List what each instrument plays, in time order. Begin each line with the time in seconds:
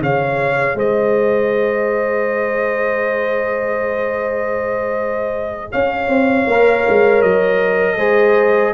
0.00 tuba C#3, trombone G#4, horn C#5, trumpet F5
0.75 tuba G#3, horn C5, trumpet D#5
5.72 tuba C#4, horn C#5, trumpet F5
6.08 tuba C4
6.47 tuba A#3, trombone A#4
6.89 tuba G#3
7.22 tuba F#3, trumpet D#5
7.97 tuba G#3, trombone G#4, horn C5